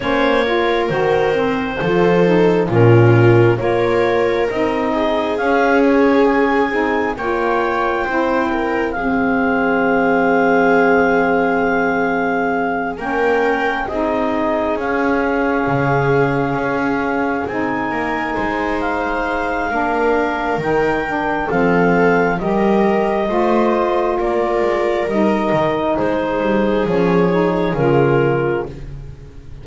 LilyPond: <<
  \new Staff \with { instrumentName = "clarinet" } { \time 4/4 \tempo 4 = 67 cis''4 c''2 ais'4 | cis''4 dis''4 f''8 cis''8 gis''4 | g''2 f''2~ | f''2~ f''8 g''4 dis''8~ |
dis''8 f''2. gis''8~ | gis''4 f''2 g''4 | f''4 dis''2 d''4 | dis''4 c''4 cis''4 ais'4 | }
  \new Staff \with { instrumentName = "viola" } { \time 4/4 c''8 ais'4. a'4 f'4 | ais'4. gis'2~ gis'8 | cis''4 c''8 ais'8 gis'2~ | gis'2~ gis'8 ais'4 gis'8~ |
gis'1 | ais'8 c''4. ais'2 | a'4 ais'4 c''4 ais'4~ | ais'4 gis'2. | }
  \new Staff \with { instrumentName = "saxophone" } { \time 4/4 cis'8 f'8 fis'8 c'8 f'8 dis'8 cis'4 | f'4 dis'4 cis'4. dis'8 | f'4 e'4 c'2~ | c'2~ c'8 cis'4 dis'8~ |
dis'8 cis'2. dis'8~ | dis'2 d'4 dis'8 d'8 | c'4 g'4 f'2 | dis'2 cis'8 dis'8 f'4 | }
  \new Staff \with { instrumentName = "double bass" } { \time 4/4 ais4 dis4 f4 ais,4 | ais4 c'4 cis'4. c'8 | ais4 c'4 f2~ | f2~ f8 ais4 c'8~ |
c'8 cis'4 cis4 cis'4 c'8 | ais8 gis4. ais4 dis4 | f4 g4 a4 ais8 gis8 | g8 dis8 gis8 g8 f4 cis4 | }
>>